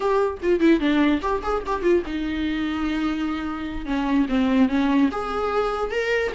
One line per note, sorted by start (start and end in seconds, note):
0.00 0.38 G4
0.42 0.60 F4
0.60 0.80 E4
0.80 1.20 D4
1.21 1.42 G4
1.42 1.63 G#4
1.66 1.82 G4
1.82 2.02 F4
2.06 3.85 D#4
3.85 4.26 C#4
4.29 4.68 C4
4.68 5.09 C#4
5.11 5.91 G#4
5.91 6.32 A#4